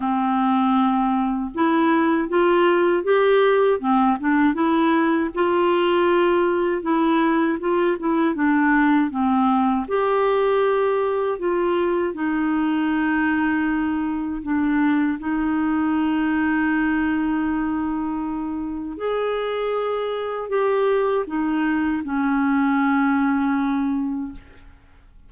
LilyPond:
\new Staff \with { instrumentName = "clarinet" } { \time 4/4 \tempo 4 = 79 c'2 e'4 f'4 | g'4 c'8 d'8 e'4 f'4~ | f'4 e'4 f'8 e'8 d'4 | c'4 g'2 f'4 |
dis'2. d'4 | dis'1~ | dis'4 gis'2 g'4 | dis'4 cis'2. | }